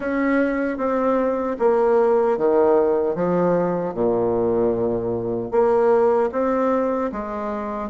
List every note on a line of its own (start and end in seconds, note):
0.00 0.77 C#4
0.77 1.56 C4
1.59 2.37 A#3
2.37 3.15 D#3
3.15 3.94 F3
3.94 5.50 A#2
5.50 6.29 A#3
6.32 7.11 C4
7.12 7.89 G#3